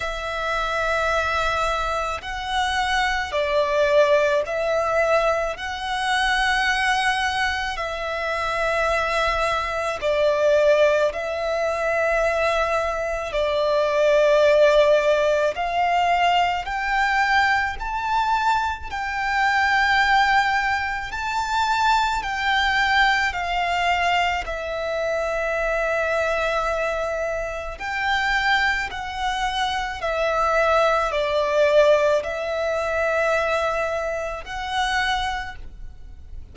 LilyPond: \new Staff \with { instrumentName = "violin" } { \time 4/4 \tempo 4 = 54 e''2 fis''4 d''4 | e''4 fis''2 e''4~ | e''4 d''4 e''2 | d''2 f''4 g''4 |
a''4 g''2 a''4 | g''4 f''4 e''2~ | e''4 g''4 fis''4 e''4 | d''4 e''2 fis''4 | }